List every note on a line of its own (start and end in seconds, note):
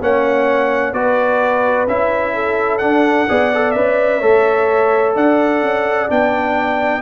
0.00 0.93 A#3
0.00 0.94 C#4
0.00 0.94 C#5
0.00 0.93 F#5
0.93 1.86 B3
0.93 1.88 F#4
0.93 2.34 B4
0.93 1.87 D5
1.87 2.81 C#4
1.87 2.80 E4
1.87 2.78 E5
2.34 3.28 A4
2.78 3.27 D4
2.78 3.28 D4
2.78 3.71 F#5
3.28 3.75 B3
3.28 3.52 G#4
3.28 4.20 D5
3.54 3.76 A4
3.71 4.22 C#4
3.71 4.22 B4
3.71 5.12 E5
4.20 5.16 A3
4.20 6.09 A4
4.20 5.13 C#5
5.15 5.62 D4
5.15 7.02 D5
5.15 6.10 F#5
5.62 6.09 C#4
6.09 7.02 B3
6.09 7.02 D4
6.09 7.02 G5